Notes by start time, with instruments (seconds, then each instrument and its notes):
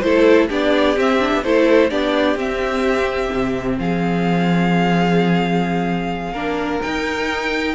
0.00 cello A3, viola E4, violin A4 C5
0.49 cello B3, viola D4, violin G4 D5
0.96 cello C4, viola C4, violin E5
1.20 viola D4
1.33 cello B3
1.43 cello A3, viola E4, violin A4 C5
1.90 cello B3, viola D4, violin G4 D5
2.35 cello C4, viola C4, violin E5
3.32 cello C3
3.79 cello F3, violin G#4 F5
6.33 cello A#3, viola D4, violin A#4
6.81 viola D#4, cello D#4, violin G5